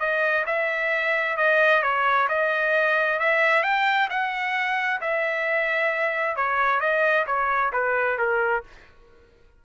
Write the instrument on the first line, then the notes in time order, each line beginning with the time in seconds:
trumpet
0.00 D#5
0.46 E5
1.37 D#5
1.83 C#5
2.29 D#5
3.20 E5
3.63 G5
4.10 F#5
5.01 E5
6.36 C#5
6.80 D#5
7.27 C#5
7.73 B4
8.18 A#4